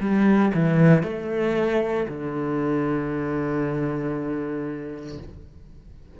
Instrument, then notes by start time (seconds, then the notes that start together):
cello
0.00 G3
0.54 E3
1.03 A3
2.08 D3